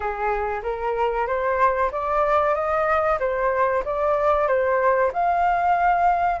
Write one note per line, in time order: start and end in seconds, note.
0.00 0.61 G#4
0.62 1.26 A#4
1.26 1.90 C5
1.91 2.54 D5
2.54 3.18 D#5
3.19 3.83 C5
3.84 4.47 D5
4.47 5.11 C5
5.13 6.40 F5